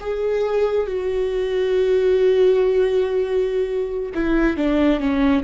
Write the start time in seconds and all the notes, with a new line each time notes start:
0.00 G#4
0.87 F#4
4.15 E4
4.57 D4
5.00 C#4